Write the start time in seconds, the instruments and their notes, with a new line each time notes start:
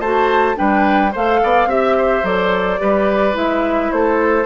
0.00 bassoon A3, clarinet F#4, oboe C5, flute A5
0.55 bassoon G3, clarinet D4, oboe B4, flute G5
1.12 bassoon A3, clarinet A4, oboe C5, flute F5
1.44 bassoon B3, oboe D5
1.66 bassoon C4, clarinet G4, oboe E5, flute E5
1.98 oboe C5
2.24 bassoon F#3, clarinet A4, flute D5
2.79 bassoon G3, clarinet G4, oboe B4
3.34 bassoon G#3, clarinet E4, flute E5
3.92 bassoon A3, oboe A4, flute C5